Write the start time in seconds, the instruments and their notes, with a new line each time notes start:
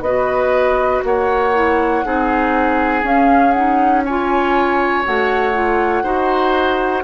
0.00 bassoon B3, clarinet F#4, oboe B4, flute D#5
1.04 bassoon A#3, oboe C#5, flute F#5
1.54 clarinet E4
2.04 bassoon C4, clarinet D#4, oboe G#4
3.02 bassoon C#4, clarinet C#4, flute F5
3.51 clarinet D#4, flute F#5
4.04 clarinet F4, oboe C#5, flute G#5
5.04 bassoon A3, clarinet F#4, flute F#5
5.53 clarinet F4
6.03 bassoon D#4, clarinet F#4, oboe C5